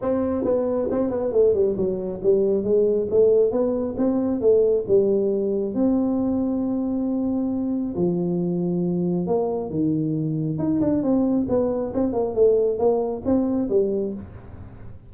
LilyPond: \new Staff \with { instrumentName = "tuba" } { \time 4/4 \tempo 4 = 136 c'4 b4 c'8 b8 a8 g8 | fis4 g4 gis4 a4 | b4 c'4 a4 g4~ | g4 c'2.~ |
c'2 f2~ | f4 ais4 dis2 | dis'8 d'8 c'4 b4 c'8 ais8 | a4 ais4 c'4 g4 | }